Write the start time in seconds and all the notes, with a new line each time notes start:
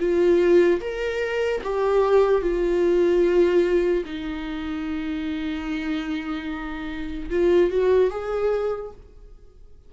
0.00 F4
0.81 A#4
1.64 G4
2.42 F4
4.06 D#4
7.30 F4
7.71 F#4
8.11 G#4